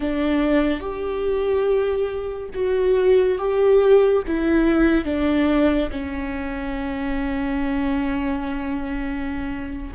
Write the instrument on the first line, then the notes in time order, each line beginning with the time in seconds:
viola
0.00 D4
0.80 G4
2.54 F#4
3.38 G4
4.27 E4
5.05 D4
5.91 C#4